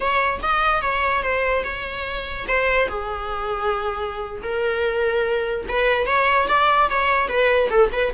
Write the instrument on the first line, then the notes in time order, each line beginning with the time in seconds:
viola
0.00 C#5
0.42 D#5
0.81 C#5
1.22 C5
1.64 C#5
2.48 C5
2.88 G#4
4.42 A#4
5.68 B4
6.06 C#5
6.47 D5
6.89 C#5
7.28 B4
7.70 A4
7.92 B4